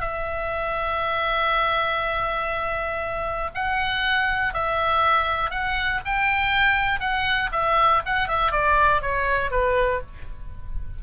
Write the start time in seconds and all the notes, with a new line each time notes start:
0.00 E5
3.54 F#5
4.53 E5
5.50 F#5
6.05 G5
7.00 F#5
7.52 E5
8.05 F#5
8.28 E5
8.51 D5
9.01 C#5
9.51 B4